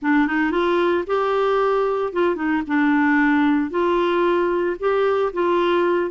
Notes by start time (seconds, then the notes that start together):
0.02 D4
0.27 D#4
0.51 F4
1.06 G4
2.12 F4
2.35 D#4
2.67 D4
3.70 F4
4.79 G4
5.33 F4